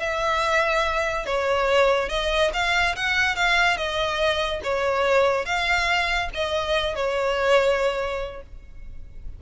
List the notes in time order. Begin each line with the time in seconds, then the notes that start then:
0.00 E5
1.26 C#5
2.09 D#5
2.53 F5
2.96 F#5
3.36 F5
3.77 D#5
4.63 C#5
5.45 F5
6.34 D#5
6.96 C#5